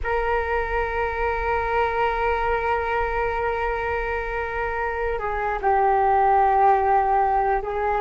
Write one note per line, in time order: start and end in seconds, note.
0.03 5.18 A#4
5.18 5.58 G#4
5.61 7.61 G4
7.61 8.01 G#4